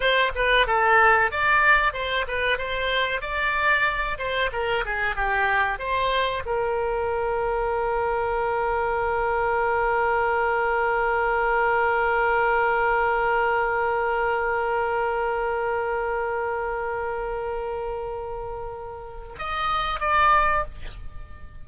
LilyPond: \new Staff \with { instrumentName = "oboe" } { \time 4/4 \tempo 4 = 93 c''8 b'8 a'4 d''4 c''8 b'8 | c''4 d''4. c''8 ais'8 gis'8 | g'4 c''4 ais'2~ | ais'1~ |
ais'1~ | ais'1~ | ais'1~ | ais'2 dis''4 d''4 | }